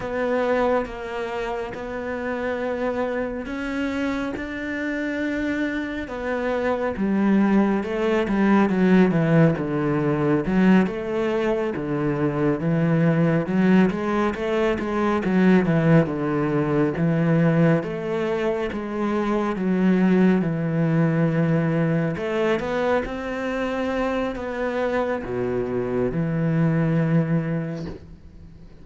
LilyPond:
\new Staff \with { instrumentName = "cello" } { \time 4/4 \tempo 4 = 69 b4 ais4 b2 | cis'4 d'2 b4 | g4 a8 g8 fis8 e8 d4 | fis8 a4 d4 e4 fis8 |
gis8 a8 gis8 fis8 e8 d4 e8~ | e8 a4 gis4 fis4 e8~ | e4. a8 b8 c'4. | b4 b,4 e2 | }